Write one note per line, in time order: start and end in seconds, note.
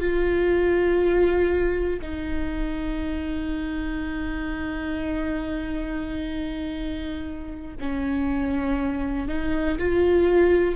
0.00 2.00 F4
2.02 7.77 D#4
7.80 9.28 C#4
9.28 9.78 D#4
9.79 10.76 F4